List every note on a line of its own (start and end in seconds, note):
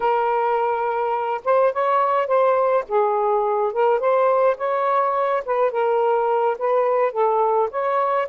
0.00 1.41 A#4
1.44 1.72 C5
1.72 2.27 C#5
2.27 2.84 C5
2.88 3.72 G#4
3.72 3.99 A#4
3.99 4.56 C5
4.57 5.43 C#5
5.45 5.71 B4
5.71 6.57 A#4
6.58 7.12 B4
7.12 7.69 A4
7.71 8.28 C#5